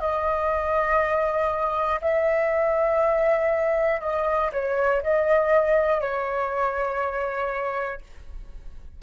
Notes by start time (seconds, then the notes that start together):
0.00 D#5
2.00 E5
4.00 D#5
4.52 C#5
5.02 D#5
6.00 C#5